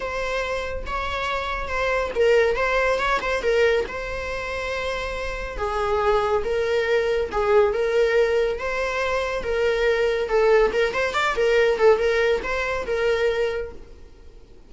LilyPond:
\new Staff \with { instrumentName = "viola" } { \time 4/4 \tempo 4 = 140 c''2 cis''2 | c''4 ais'4 c''4 cis''8 c''8 | ais'4 c''2.~ | c''4 gis'2 ais'4~ |
ais'4 gis'4 ais'2 | c''2 ais'2 | a'4 ais'8 c''8 d''8 ais'4 a'8 | ais'4 c''4 ais'2 | }